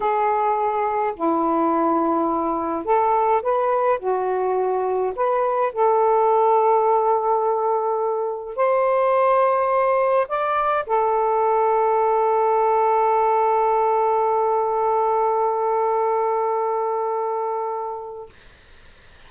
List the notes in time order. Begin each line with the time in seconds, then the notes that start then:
0.00 G#4
1.15 E4
2.84 A4
3.42 B4
3.99 F#4
5.15 B4
5.72 A4
8.56 C5
10.28 D5
10.86 A4